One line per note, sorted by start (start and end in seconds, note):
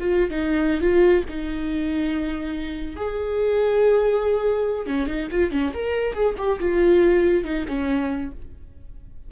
0.00 0.30 F4
0.30 0.81 D#4
0.81 1.24 F4
1.29 2.96 D#4
2.96 4.87 G#4
4.87 5.07 C#4
5.07 5.28 D#4
5.31 5.51 F4
5.51 5.72 C#4
5.74 6.14 A#4
6.14 6.35 G#4
6.38 6.59 G4
6.60 7.44 F4
7.44 7.65 D#4
7.68 8.32 C#4